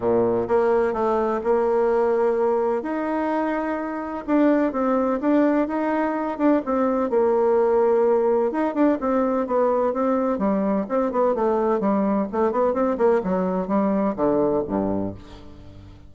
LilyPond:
\new Staff \with { instrumentName = "bassoon" } { \time 4/4 \tempo 4 = 127 ais,4 ais4 a4 ais4~ | ais2 dis'2~ | dis'4 d'4 c'4 d'4 | dis'4. d'8 c'4 ais4~ |
ais2 dis'8 d'8 c'4 | b4 c'4 g4 c'8 b8 | a4 g4 a8 b8 c'8 ais8 | fis4 g4 d4 g,4 | }